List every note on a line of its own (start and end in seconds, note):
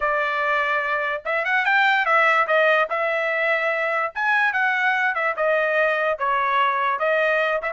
0.00 1.22 D5
1.25 1.45 E5
1.45 1.65 F#5
1.65 2.05 G5
2.05 2.46 E5
2.47 2.88 D#5
2.89 4.12 E5
4.14 4.53 G#5
4.53 5.14 F#5
5.14 5.35 E5
5.36 6.18 D#5
6.18 6.99 C#5
6.99 7.61 D#5
7.62 7.72 E5